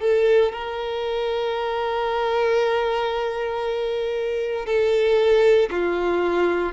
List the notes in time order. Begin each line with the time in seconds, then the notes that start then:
0.00 A4
0.52 A#4
4.66 A4
5.70 F4